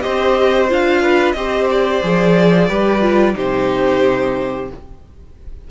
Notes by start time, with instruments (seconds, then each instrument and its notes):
0.00 cello C4, viola G4, violin C5 D#5
0.68 cello D4, viola F4, violin F5
1.02 violin B4
1.31 cello C4, viola G4, violin C5 D#5
1.70 violin D5
2.02 cello F3, viola G#4
2.68 cello G3, viola G4, violin B4
3.01 viola F4
3.34 cello C3, viola D#4, violin G4 C5